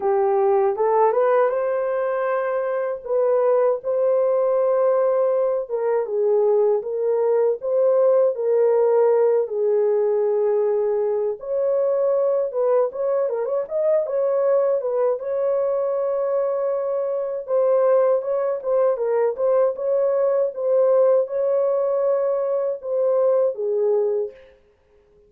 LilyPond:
\new Staff \with { instrumentName = "horn" } { \time 4/4 \tempo 4 = 79 g'4 a'8 b'8 c''2 | b'4 c''2~ c''8 ais'8 | gis'4 ais'4 c''4 ais'4~ | ais'8 gis'2~ gis'8 cis''4~ |
cis''8 b'8 cis''8 ais'16 cis''16 dis''8 cis''4 b'8 | cis''2. c''4 | cis''8 c''8 ais'8 c''8 cis''4 c''4 | cis''2 c''4 gis'4 | }